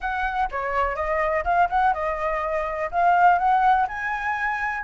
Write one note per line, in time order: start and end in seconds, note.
0.00 0.49 F#5
0.51 0.95 C#5
0.95 1.44 D#5
1.44 1.68 F5
1.69 1.93 F#5
1.93 2.90 D#5
2.91 3.38 F5
3.38 3.86 F#5
3.88 4.84 G#5